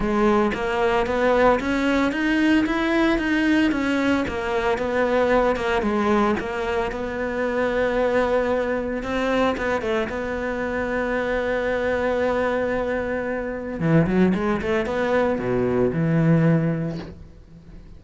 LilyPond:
\new Staff \with { instrumentName = "cello" } { \time 4/4 \tempo 4 = 113 gis4 ais4 b4 cis'4 | dis'4 e'4 dis'4 cis'4 | ais4 b4. ais8 gis4 | ais4 b2.~ |
b4 c'4 b8 a8 b4~ | b1~ | b2 e8 fis8 gis8 a8 | b4 b,4 e2 | }